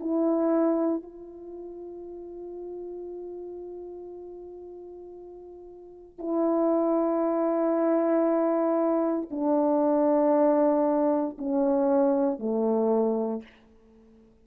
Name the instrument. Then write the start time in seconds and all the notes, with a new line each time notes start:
horn
0.00 E4
1.02 F4
6.18 E4
9.30 D4
11.38 C#4
12.39 A3